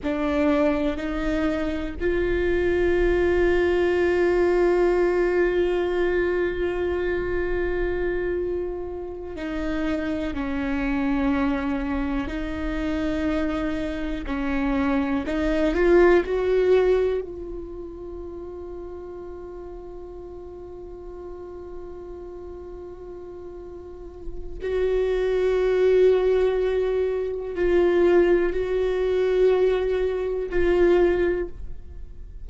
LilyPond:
\new Staff \with { instrumentName = "viola" } { \time 4/4 \tempo 4 = 61 d'4 dis'4 f'2~ | f'1~ | f'4. dis'4 cis'4.~ | cis'8 dis'2 cis'4 dis'8 |
f'8 fis'4 f'2~ f'8~ | f'1~ | f'4 fis'2. | f'4 fis'2 f'4 | }